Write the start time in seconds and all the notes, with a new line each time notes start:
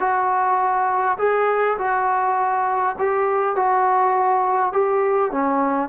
0.00 F#4
1.19 G#4
1.78 F#4
2.99 G4
3.56 F#4
4.73 G4
5.32 C#4